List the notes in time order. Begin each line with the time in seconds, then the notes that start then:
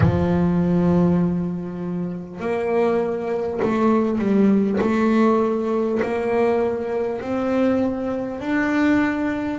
0.00 F3
2.40 A#3
3.62 A3
4.18 G3
4.80 A3
6.02 A#3
7.21 C4
8.40 D4